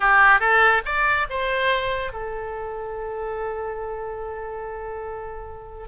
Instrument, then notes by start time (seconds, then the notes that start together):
oboe
0.00 G4
0.40 A4
0.85 D5
1.29 C5
2.12 A4